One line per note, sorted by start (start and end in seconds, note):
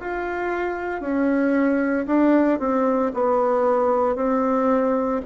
0.00 1.01 F4
1.01 2.06 C#4
2.07 2.59 D4
2.59 3.12 C4
3.14 4.16 B3
4.16 5.21 C4